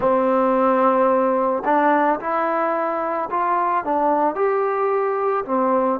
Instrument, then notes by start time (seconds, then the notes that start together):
trombone
0.00 C4
1.65 D4
2.20 E4
3.30 F4
3.84 D4
4.35 G4
5.45 C4